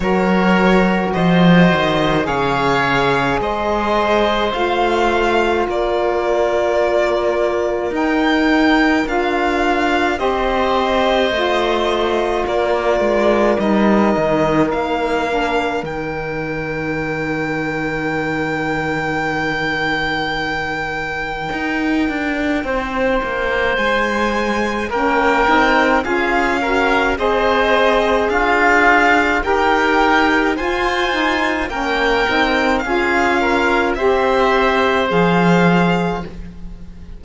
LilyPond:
<<
  \new Staff \with { instrumentName = "violin" } { \time 4/4 \tempo 4 = 53 cis''4 dis''4 f''4 dis''4 | f''4 d''2 g''4 | f''4 dis''2 d''4 | dis''4 f''4 g''2~ |
g''1~ | g''4 gis''4 g''4 f''4 | dis''4 f''4 g''4 gis''4 | g''4 f''4 e''4 f''4 | }
  \new Staff \with { instrumentName = "oboe" } { \time 4/4 ais'4 c''4 cis''4 c''4~ | c''4 ais'2.~ | ais'4 c''2 ais'4~ | ais'1~ |
ais'1 | c''2 ais'4 gis'8 ais'8 | c''4 f'4 ais'4 c''4 | ais'4 gis'8 ais'8 c''2 | }
  \new Staff \with { instrumentName = "saxophone" } { \time 4/4 fis'2 gis'2 | f'2. dis'4 | f'4 g'4 f'2 | dis'4. d'8 dis'2~ |
dis'1~ | dis'2 cis'8 dis'8 f'8 fis'8 | gis'2 g'4 f'8 dis'8 | cis'8 dis'8 f'4 g'4 gis'4 | }
  \new Staff \with { instrumentName = "cello" } { \time 4/4 fis4 f8 dis8 cis4 gis4 | a4 ais2 dis'4 | d'4 c'4 a4 ais8 gis8 | g8 dis8 ais4 dis2~ |
dis2. dis'8 d'8 | c'8 ais8 gis4 ais8 c'8 cis'4 | c'4 d'4 dis'4 f'4 | ais8 c'8 cis'4 c'4 f4 | }
>>